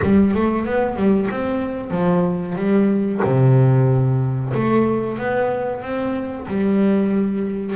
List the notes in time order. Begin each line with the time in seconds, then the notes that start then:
0.02 G3
0.34 A3
0.65 B3
0.96 G3
1.30 C4
1.91 F3
2.55 G3
3.23 C3
4.53 A3
5.18 B3
5.82 C4
6.47 G3